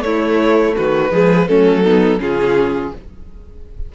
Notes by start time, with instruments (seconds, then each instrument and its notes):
0.00 cello A3, viola A3, violin E4 C#5
0.76 cello D#3, violin F#4 B4
1.10 cello F3, viola G#3, violin G#4
1.48 cello F#3, viola A3, violin C#4 A4
1.83 viola B3, violin D#4
2.18 cello C#3, viola C#4, violin F4 G#4